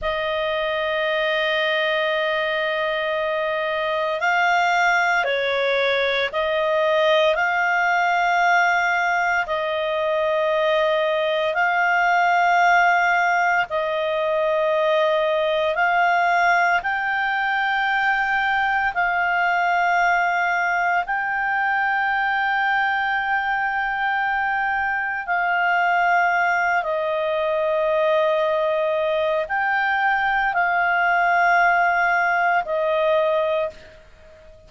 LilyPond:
\new Staff \with { instrumentName = "clarinet" } { \time 4/4 \tempo 4 = 57 dis''1 | f''4 cis''4 dis''4 f''4~ | f''4 dis''2 f''4~ | f''4 dis''2 f''4 |
g''2 f''2 | g''1 | f''4. dis''2~ dis''8 | g''4 f''2 dis''4 | }